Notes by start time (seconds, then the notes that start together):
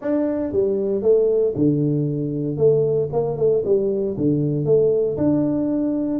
0.01 D4
0.52 G3
1.02 A3
1.55 D3
2.57 A3
3.12 A#3
3.36 A3
3.64 G3
4.17 D3
4.65 A3
5.17 D4